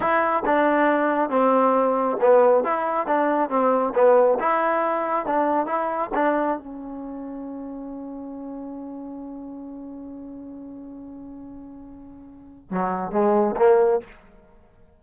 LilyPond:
\new Staff \with { instrumentName = "trombone" } { \time 4/4 \tempo 4 = 137 e'4 d'2 c'4~ | c'4 b4 e'4 d'4 | c'4 b4 e'2 | d'4 e'4 d'4 cis'4~ |
cis'1~ | cis'1~ | cis'1~ | cis'4 fis4 gis4 ais4 | }